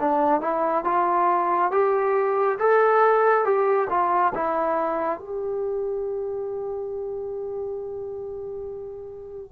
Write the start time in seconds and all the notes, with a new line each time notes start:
0.00 D4
0.41 E4
0.85 F4
1.72 G4
2.59 A4
3.45 G4
3.90 F4
4.35 E4
5.19 G4